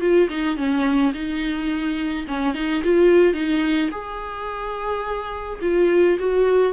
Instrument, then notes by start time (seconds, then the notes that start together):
viola
0.00 F4
0.29 D#4
0.56 C#4
1.13 D#4
2.27 C#4
2.54 D#4
2.84 F4
3.33 D#4
3.91 G#4
5.62 F4
6.19 F#4